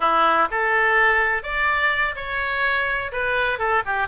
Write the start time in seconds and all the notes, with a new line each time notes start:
0.00 E4
0.50 A4
1.43 D5
2.15 C#5
3.12 B4
3.58 A4
3.85 G4